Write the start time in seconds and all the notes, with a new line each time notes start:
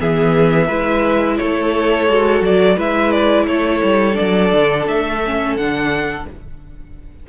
0.00 E3 B3 G#4 E5
0.67 G#3 E4 B4
1.38 A3 A4 C#5
2.09 G#3 F#4
2.42 F#3 D5
2.77 G#3 E4 B4 E5
3.12 D5
3.47 A3 A4 C#5
3.84 G3
4.14 D4 D5
4.21 F#3
4.53 D3
4.88 A3 E5
5.26 C#4
5.56 D3 D4 F#5